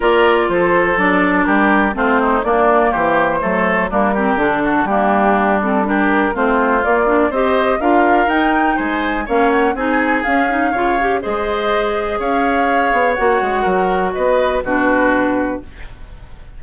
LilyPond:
<<
  \new Staff \with { instrumentName = "flute" } { \time 4/4 \tempo 4 = 123 d''4 c''4 d''4 ais'4 | c''4 d''4 c''2 | ais'4 a'4 g'4. a'8 | ais'4 c''4 d''4 dis''4 |
f''4 g''4 gis''4 f''8 fis''8 | gis''4 f''2 dis''4~ | dis''4 f''2 fis''4~ | fis''4 dis''4 b'2 | }
  \new Staff \with { instrumentName = "oboe" } { \time 4/4 ais'4 a'2 g'4 | f'8 dis'8 d'4 g'4 a'4 | d'8 g'4 fis'8 d'2 | g'4 f'2 c''4 |
ais'2 c''4 cis''4 | gis'2 cis''4 c''4~ | c''4 cis''2. | ais'4 b'4 fis'2 | }
  \new Staff \with { instrumentName = "clarinet" } { \time 4/4 f'2 d'2 | c'4 ais2 a4 | ais8 c'8 d'4 ais4. c'8 | d'4 c'4 ais8 d'8 g'4 |
f'4 dis'2 cis'4 | dis'4 cis'8 dis'8 f'8 g'8 gis'4~ | gis'2. fis'4~ | fis'2 d'2 | }
  \new Staff \with { instrumentName = "bassoon" } { \time 4/4 ais4 f4 fis4 g4 | a4 ais4 e4 fis4 | g4 d4 g2~ | g4 a4 ais4 c'4 |
d'4 dis'4 gis4 ais4 | c'4 cis'4 cis4 gis4~ | gis4 cis'4. b8 ais8 gis8 | fis4 b4 b,2 | }
>>